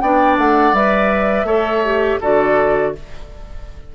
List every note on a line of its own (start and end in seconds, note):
0.00 0.37 B3
0.00 0.74 D4
0.00 1.46 D5
0.00 0.37 G5
0.37 0.72 A3
0.37 0.74 F#5
0.72 1.43 G3
0.72 1.45 B4
0.72 2.20 E5
1.43 2.16 A3
1.43 1.82 A4
1.43 2.19 C#5
1.84 2.21 G4
2.20 2.95 D3
2.20 2.95 F#4
2.20 2.93 A4
2.20 2.95 D5